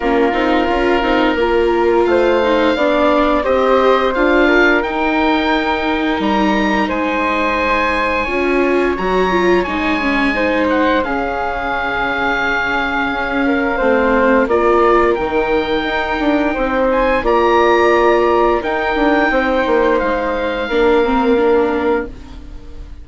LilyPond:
<<
  \new Staff \with { instrumentName = "oboe" } { \time 4/4 \tempo 4 = 87 ais'2. f''4~ | f''4 dis''4 f''4 g''4~ | g''4 ais''4 gis''2~ | gis''4 ais''4 gis''4. fis''8 |
f''1~ | f''4 d''4 g''2~ | g''8 gis''8 ais''2 g''4~ | g''4 f''2. | }
  \new Staff \with { instrumentName = "flute" } { \time 4/4 f'2 ais'4 c''4 | d''4 c''4. ais'4.~ | ais'2 c''2 | cis''2. c''4 |
gis'2.~ gis'8 ais'8 | c''4 ais'2. | c''4 d''2 ais'4 | c''2 ais'2 | }
  \new Staff \with { instrumentName = "viola" } { \time 4/4 cis'8 dis'8 f'8 dis'8 f'4. dis'8 | d'4 g'4 f'4 dis'4~ | dis'1 | f'4 fis'8 f'8 dis'8 cis'8 dis'4 |
cis'1 | c'4 f'4 dis'2~ | dis'4 f'2 dis'4~ | dis'2 d'8 c'8 d'4 | }
  \new Staff \with { instrumentName = "bassoon" } { \time 4/4 ais8 c'8 cis'8 c'8 ais4 a4 | b4 c'4 d'4 dis'4~ | dis'4 g4 gis2 | cis'4 fis4 gis2 |
cis2. cis'4 | a4 ais4 dis4 dis'8 d'8 | c'4 ais2 dis'8 d'8 | c'8 ais8 gis4 ais2 | }
>>